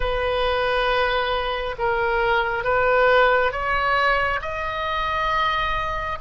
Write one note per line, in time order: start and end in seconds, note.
0.00 1.75 B4
1.78 2.64 A#4
2.64 3.51 B4
3.51 4.40 C#5
4.41 6.18 D#5